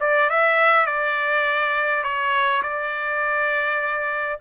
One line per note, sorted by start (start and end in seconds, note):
0.00 0.29 D5
0.30 0.86 E5
0.86 2.03 D5
2.03 2.62 C#5
2.62 4.39 D5